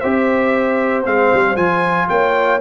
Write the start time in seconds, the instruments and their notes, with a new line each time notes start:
0.00 tuba C4, trombone G4, horn C5, trumpet E5
1.04 tuba G#3, trombone C4, trumpet F5
1.33 tuba G3
1.56 tuba F3, trombone F4, trumpet G#5
2.09 tuba A#3, horn C#5, trumpet G5